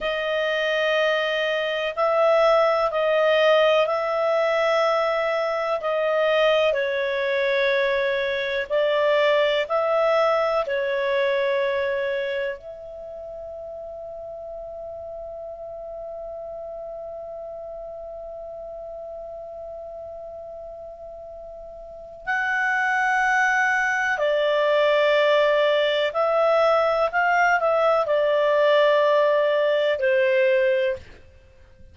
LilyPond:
\new Staff \with { instrumentName = "clarinet" } { \time 4/4 \tempo 4 = 62 dis''2 e''4 dis''4 | e''2 dis''4 cis''4~ | cis''4 d''4 e''4 cis''4~ | cis''4 e''2.~ |
e''1~ | e''2. fis''4~ | fis''4 d''2 e''4 | f''8 e''8 d''2 c''4 | }